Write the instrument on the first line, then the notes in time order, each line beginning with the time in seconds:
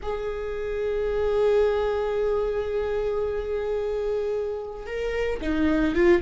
viola
0.02 G#4
4.86 A#4
5.41 D#4
5.95 F4